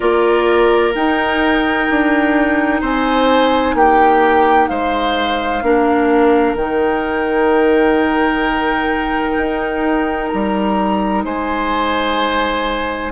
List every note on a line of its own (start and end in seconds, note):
0.00 0.94 A#3
0.00 0.93 F4
0.00 2.80 A#4
0.00 0.93 D5
0.94 1.88 D#4
0.94 5.63 D#4
0.94 2.82 G5
1.89 2.81 D4
2.80 3.74 C4
2.80 3.74 C5
2.80 3.77 G#5
3.74 4.67 A#3
3.74 4.69 G4
3.74 4.68 G5
4.68 5.62 G#3
4.68 5.63 C5
4.68 6.55 F5
5.62 6.54 A#3
5.62 6.56 D4
5.62 11.24 A#4
6.54 9.36 D#3
6.54 13.11 D#4
6.54 10.28 G5
9.37 10.30 D#4
10.28 11.24 G3
10.28 11.22 A#5
11.24 13.11 G#3
11.24 13.11 C5
11.24 13.11 G#5